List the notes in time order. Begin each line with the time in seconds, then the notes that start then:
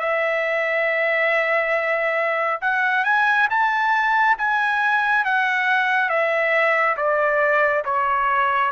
0.00 E5
2.61 F#5
3.05 G#5
3.50 A5
4.38 G#5
5.25 F#5
6.09 E5
6.97 D5
7.85 C#5